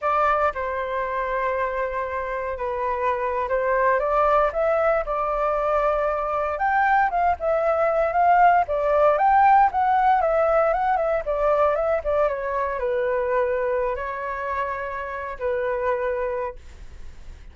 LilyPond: \new Staff \with { instrumentName = "flute" } { \time 4/4 \tempo 4 = 116 d''4 c''2.~ | c''4 b'4.~ b'16 c''4 d''16~ | d''8. e''4 d''2~ d''16~ | d''8. g''4 f''8 e''4. f''16~ |
f''8. d''4 g''4 fis''4 e''16~ | e''8. fis''8 e''8 d''4 e''8 d''8 cis''16~ | cis''8. b'2~ b'16 cis''4~ | cis''4.~ cis''16 b'2~ b'16 | }